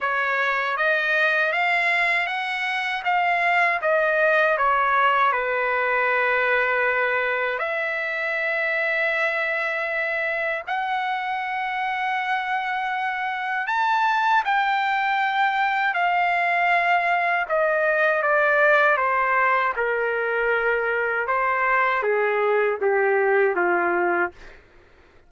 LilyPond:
\new Staff \with { instrumentName = "trumpet" } { \time 4/4 \tempo 4 = 79 cis''4 dis''4 f''4 fis''4 | f''4 dis''4 cis''4 b'4~ | b'2 e''2~ | e''2 fis''2~ |
fis''2 a''4 g''4~ | g''4 f''2 dis''4 | d''4 c''4 ais'2 | c''4 gis'4 g'4 f'4 | }